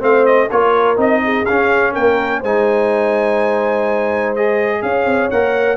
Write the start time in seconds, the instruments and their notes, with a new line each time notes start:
0.00 tuba A3, trombone C4, horn C5, trumpet F5
0.26 trumpet D#5
0.49 tuba A#3, trombone F4, horn A#4, trumpet C#5
0.96 tuba C4, trombone D#4, trumpet D#5
1.24 horn G#4
1.45 trombone C#4, tuba C#4, trumpet F5
1.92 tuba A#3, horn A#4, trumpet G5
2.40 tuba G#3, trombone D#4, horn C5, trumpet G#5
4.36 trombone G#4, trumpet D#5
4.82 tuba C#4, horn C#5, trumpet F5
5.05 tuba C4
5.30 tuba A#3, trombone A#4, trumpet F#5